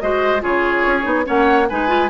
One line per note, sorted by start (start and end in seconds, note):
0.00 0.43 G#3
0.00 0.40 F#4
0.00 0.42 C5
0.00 0.42 D#5
0.40 0.85 C#3
0.40 1.02 F4
0.40 1.25 G#4
0.40 1.26 C#5
0.86 1.05 C#4
1.02 1.26 B3
1.02 1.23 D#4
1.25 1.70 A#3
1.25 1.66 C#4
1.25 1.68 C#5
1.25 1.68 F#5
1.68 2.09 G#3
1.68 1.87 D#4
1.68 2.09 B4
1.68 2.09 G#5
1.87 2.08 F4